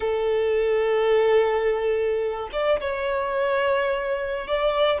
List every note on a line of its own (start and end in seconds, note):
0.00 2.49 A4
2.52 2.80 D5
2.80 4.47 C#5
4.47 5.00 D5